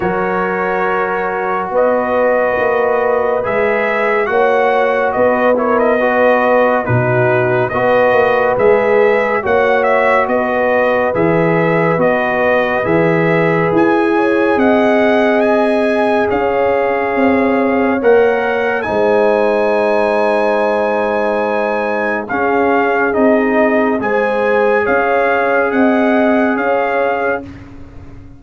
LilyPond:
<<
  \new Staff \with { instrumentName = "trumpet" } { \time 4/4 \tempo 4 = 70 cis''2 dis''2 | e''4 fis''4 dis''8 cis''16 dis''4~ dis''16 | b'4 dis''4 e''4 fis''8 e''8 | dis''4 e''4 dis''4 e''4 |
gis''4 fis''4 gis''4 f''4~ | f''4 fis''4 gis''2~ | gis''2 f''4 dis''4 | gis''4 f''4 fis''4 f''4 | }
  \new Staff \with { instrumentName = "horn" } { \time 4/4 ais'2 b'2~ | b'4 cis''4 b'8 ais'8 b'4 | fis'4 b'2 cis''4 | b'1~ |
b'8 cis''8 dis''2 cis''4~ | cis''2 c''2~ | c''2 gis'2 | c''4 cis''4 dis''4 cis''4 | }
  \new Staff \with { instrumentName = "trombone" } { \time 4/4 fis'1 | gis'4 fis'4. e'8 fis'4 | dis'4 fis'4 gis'4 fis'4~ | fis'4 gis'4 fis'4 gis'4~ |
gis'1~ | gis'4 ais'4 dis'2~ | dis'2 cis'4 dis'4 | gis'1 | }
  \new Staff \with { instrumentName = "tuba" } { \time 4/4 fis2 b4 ais4 | gis4 ais4 b2 | b,4 b8 ais8 gis4 ais4 | b4 e4 b4 e4 |
e'4 c'2 cis'4 | c'4 ais4 gis2~ | gis2 cis'4 c'4 | gis4 cis'4 c'4 cis'4 | }
>>